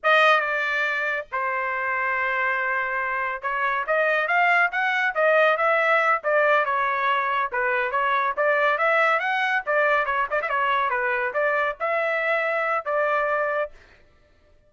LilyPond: \new Staff \with { instrumentName = "trumpet" } { \time 4/4 \tempo 4 = 140 dis''4 d''2 c''4~ | c''1 | cis''4 dis''4 f''4 fis''4 | dis''4 e''4. d''4 cis''8~ |
cis''4. b'4 cis''4 d''8~ | d''8 e''4 fis''4 d''4 cis''8 | d''16 e''16 cis''4 b'4 d''4 e''8~ | e''2 d''2 | }